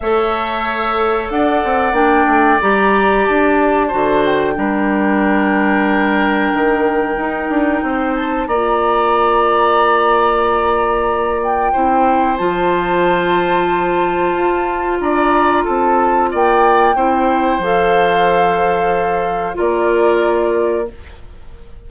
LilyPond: <<
  \new Staff \with { instrumentName = "flute" } { \time 4/4 \tempo 4 = 92 e''2 fis''4 g''4 | ais''4 a''4. g''4.~ | g''1~ | g''8 a''8 ais''2.~ |
ais''4. g''4. a''4~ | a''2. ais''4 | a''4 g''2 f''4~ | f''2 d''2 | }
  \new Staff \with { instrumentName = "oboe" } { \time 4/4 cis''2 d''2~ | d''2 c''4 ais'4~ | ais'1 | c''4 d''2.~ |
d''2 c''2~ | c''2. d''4 | a'4 d''4 c''2~ | c''2 ais'2 | }
  \new Staff \with { instrumentName = "clarinet" } { \time 4/4 a'2. d'4 | g'2 fis'4 d'4~ | d'2. dis'4~ | dis'4 f'2.~ |
f'2 e'4 f'4~ | f'1~ | f'2 e'4 a'4~ | a'2 f'2 | }
  \new Staff \with { instrumentName = "bassoon" } { \time 4/4 a2 d'8 c'8 ais8 a8 | g4 d'4 d4 g4~ | g2 dis4 dis'8 d'8 | c'4 ais2.~ |
ais2 c'4 f4~ | f2 f'4 d'4 | c'4 ais4 c'4 f4~ | f2 ais2 | }
>>